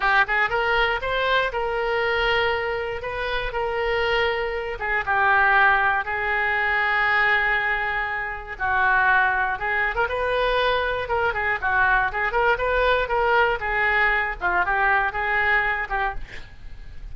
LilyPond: \new Staff \with { instrumentName = "oboe" } { \time 4/4 \tempo 4 = 119 g'8 gis'8 ais'4 c''4 ais'4~ | ais'2 b'4 ais'4~ | ais'4. gis'8 g'2 | gis'1~ |
gis'4 fis'2 gis'8. ais'16 | b'2 ais'8 gis'8 fis'4 | gis'8 ais'8 b'4 ais'4 gis'4~ | gis'8 f'8 g'4 gis'4. g'8 | }